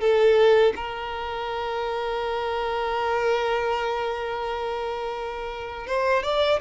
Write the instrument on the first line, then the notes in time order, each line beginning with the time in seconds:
violin
0.00 A4
0.75 A#4
5.87 C5
6.23 D5